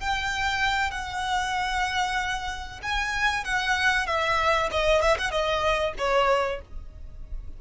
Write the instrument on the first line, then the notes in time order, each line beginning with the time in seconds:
violin
0.00 G5
0.91 F#5
2.82 G#5
3.44 F#5
4.07 E5
4.71 D#5
5.02 E5
5.18 F#5
5.31 D#5
5.98 C#5